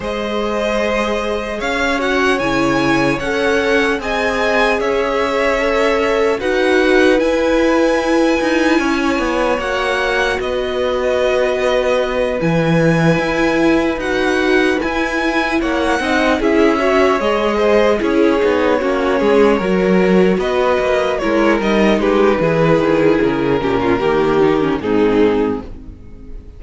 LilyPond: <<
  \new Staff \with { instrumentName = "violin" } { \time 4/4 \tempo 4 = 75 dis''2 f''8 fis''8 gis''4 | fis''4 gis''4 e''2 | fis''4 gis''2. | fis''4 dis''2~ dis''8 gis''8~ |
gis''4. fis''4 gis''4 fis''8~ | fis''8 e''4 dis''4 cis''4.~ | cis''4. dis''4 cis''8 dis''8 b'8~ | b'4 ais'2 gis'4 | }
  \new Staff \with { instrumentName = "violin" } { \time 4/4 c''2 cis''2~ | cis''4 dis''4 cis''2 | b'2. cis''4~ | cis''4 b'2.~ |
b'2.~ b'8 cis''8 | dis''8 gis'8 cis''4 c''8 gis'4 fis'8 | gis'8 ais'4 b'4 ais'4 g'8 | gis'4. g'16 f'16 g'4 dis'4 | }
  \new Staff \with { instrumentName = "viola" } { \time 4/4 gis'2~ gis'8 fis'8 e'4 | a'4 gis'2 a'4 | fis'4 e'2. | fis'2.~ fis'8 e'8~ |
e'4. fis'4 e'4. | dis'8 e'8 fis'8 gis'4 e'8 dis'8 cis'8~ | cis'8 fis'2 e'8 dis'4 | e'4. cis'8 ais8 dis'16 cis'16 c'4 | }
  \new Staff \with { instrumentName = "cello" } { \time 4/4 gis2 cis'4 cis4 | cis'4 c'4 cis'2 | dis'4 e'4. dis'8 cis'8 b8 | ais4 b2~ b8 e8~ |
e8 e'4 dis'4 e'4 ais8 | c'8 cis'4 gis4 cis'8 b8 ais8 | gis8 fis4 b8 ais8 gis8 g8 gis8 | e8 dis8 cis8 ais,8 dis4 gis,4 | }
>>